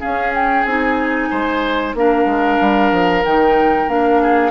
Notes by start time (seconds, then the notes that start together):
0.00 C#4 G#4 F5
0.35 G5
0.65 C4 D#4 G#5
1.31 G#3 C5
1.94 A#3 D4 A#4 F5
2.26 G#3
2.61 G3
2.92 F3
3.24 D#3 D#4 G5
3.88 A#3 D4 F5
4.23 G#4